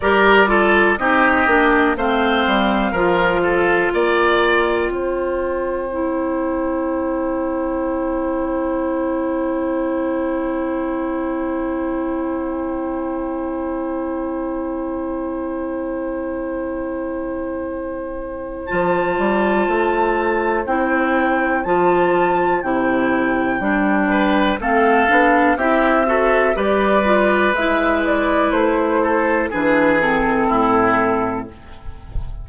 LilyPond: <<
  \new Staff \with { instrumentName = "flute" } { \time 4/4 \tempo 4 = 61 d''4 dis''4 f''2 | g''1~ | g''1~ | g''1~ |
g''2. a''4~ | a''4 g''4 a''4 g''4~ | g''4 f''4 e''4 d''4 | e''8 d''8 c''4 b'8 a'4. | }
  \new Staff \with { instrumentName = "oboe" } { \time 4/4 ais'8 a'8 g'4 c''4 ais'8 a'8 | d''4 c''2.~ | c''1~ | c''1~ |
c''1~ | c''1~ | c''8 b'8 a'4 g'8 a'8 b'4~ | b'4. a'8 gis'4 e'4 | }
  \new Staff \with { instrumentName = "clarinet" } { \time 4/4 g'8 f'8 dis'8 d'8 c'4 f'4~ | f'2 e'2~ | e'1~ | e'1~ |
e'2. f'4~ | f'4 e'4 f'4 e'4 | d'4 c'8 d'8 e'8 fis'8 g'8 f'8 | e'2 d'8 c'4. | }
  \new Staff \with { instrumentName = "bassoon" } { \time 4/4 g4 c'8 ais8 a8 g8 f4 | ais4 c'2.~ | c'1~ | c'1~ |
c'2. f8 g8 | a4 c'4 f4 c4 | g4 a8 b8 c'4 g4 | gis4 a4 e4 a,4 | }
>>